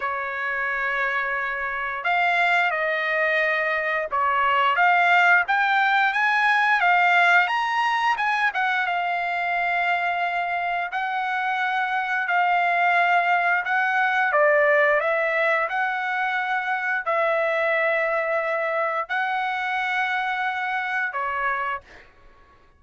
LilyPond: \new Staff \with { instrumentName = "trumpet" } { \time 4/4 \tempo 4 = 88 cis''2. f''4 | dis''2 cis''4 f''4 | g''4 gis''4 f''4 ais''4 | gis''8 fis''8 f''2. |
fis''2 f''2 | fis''4 d''4 e''4 fis''4~ | fis''4 e''2. | fis''2. cis''4 | }